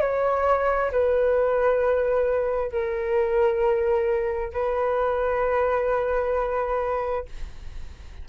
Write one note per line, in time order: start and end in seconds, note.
0.00 0.91 C#5
0.91 2.72 B4
2.72 4.53 A#4
4.53 7.26 B4